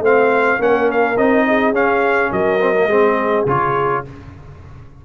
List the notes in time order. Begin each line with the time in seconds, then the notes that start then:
0.00 A3 C4 C5 F5
0.59 A#3 C#4 A#4 F#5
0.91 F5
1.17 C4 D#4 D#5
1.47 G#4
1.73 C#4 F5
2.31 F#3 A#4 D#5
2.60 C4
2.75 A#3
2.86 G#3 C4 G#4
3.46 C#3 F4 C#5